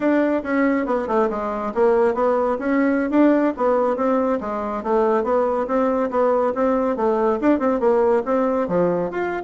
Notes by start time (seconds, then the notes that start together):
0.00 D4
0.43 C#4
0.86 B3
1.07 A3
1.30 G#3
1.74 A#3
2.14 B3
2.58 C#4
3.10 D4
3.56 B3
3.96 C4
4.40 G#3
4.83 A3
5.23 B3
5.67 C4
6.10 B3
6.54 C4
6.96 A3
7.40 D4
7.59 C4
7.80 A#3
8.25 C4
8.67 F3
9.10 F4